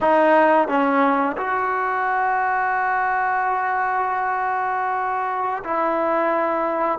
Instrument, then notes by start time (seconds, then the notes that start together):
trombone
0.00 D#4
0.68 C#4
1.37 F#4
5.64 E4